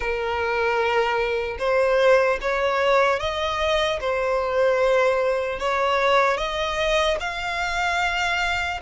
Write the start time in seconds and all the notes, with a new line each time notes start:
0.00 A#4
1.59 C5
2.41 C#5
3.19 D#5
4.00 C5
5.59 C#5
6.37 D#5
7.20 F5